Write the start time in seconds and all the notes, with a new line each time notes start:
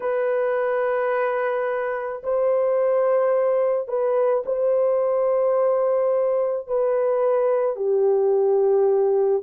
0.00 B4
2.23 C5
3.88 B4
4.45 C5
6.67 B4
7.76 G4